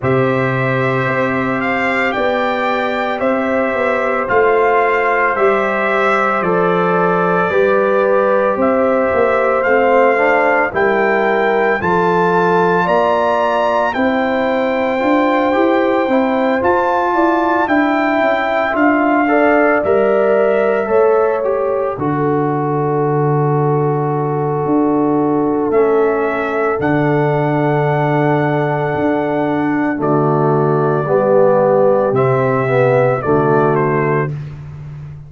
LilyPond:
<<
  \new Staff \with { instrumentName = "trumpet" } { \time 4/4 \tempo 4 = 56 e''4. f''8 g''4 e''4 | f''4 e''4 d''2 | e''4 f''4 g''4 a''4 | ais''4 g''2~ g''8 a''8~ |
a''8 g''4 f''4 e''4. | d''1 | e''4 fis''2. | d''2 e''4 d''8 c''8 | }
  \new Staff \with { instrumentName = "horn" } { \time 4/4 c''2 d''4 c''4~ | c''2. b'4 | c''2 ais'4 a'4 | d''4 c''2. |
d''8 e''4. d''4. cis''8~ | cis''8 a'2.~ a'8~ | a'1 | fis'4 g'2 fis'4 | }
  \new Staff \with { instrumentName = "trombone" } { \time 4/4 g'1 | f'4 g'4 a'4 g'4~ | g'4 c'8 d'8 e'4 f'4~ | f'4 e'4 f'8 g'8 e'8 f'8~ |
f'8 e'4 f'8 a'8 ais'4 a'8 | g'8 fis'2.~ fis'8 | cis'4 d'2. | a4 b4 c'8 b8 a4 | }
  \new Staff \with { instrumentName = "tuba" } { \time 4/4 c4 c'4 b4 c'8 b8 | a4 g4 f4 g4 | c'8 ais8 a4 g4 f4 | ais4 c'4 d'8 e'8 c'8 f'8 |
e'8 d'8 cis'8 d'4 g4 a8~ | a8 d2~ d8 d'4 | a4 d2 d'4 | d4 g4 c4 d4 | }
>>